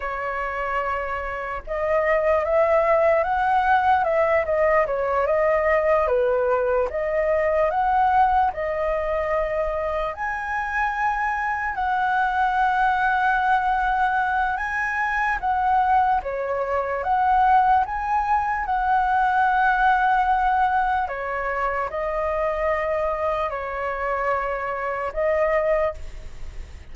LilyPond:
\new Staff \with { instrumentName = "flute" } { \time 4/4 \tempo 4 = 74 cis''2 dis''4 e''4 | fis''4 e''8 dis''8 cis''8 dis''4 b'8~ | b'8 dis''4 fis''4 dis''4.~ | dis''8 gis''2 fis''4.~ |
fis''2 gis''4 fis''4 | cis''4 fis''4 gis''4 fis''4~ | fis''2 cis''4 dis''4~ | dis''4 cis''2 dis''4 | }